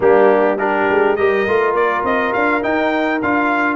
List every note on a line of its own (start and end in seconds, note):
0.00 0.84 G3
0.00 0.57 A#3
0.00 0.59 D4
0.00 0.57 G4
0.57 1.17 D4
0.57 1.17 G4
0.57 1.16 A#4
0.89 1.18 G#3
1.16 1.46 G3
1.16 1.46 G4
1.16 3.76 A#4
1.16 1.74 D#5
1.46 1.73 A3
1.46 2.61 F4
1.73 2.02 A#3
1.73 2.04 D5
2.03 2.32 C4
2.03 2.33 D#5
2.33 2.63 D4
2.33 2.62 F5
2.61 3.20 D#4
2.61 3.22 D#4
2.61 3.21 G5
3.22 3.76 D4
3.22 3.76 F4
3.22 3.76 F5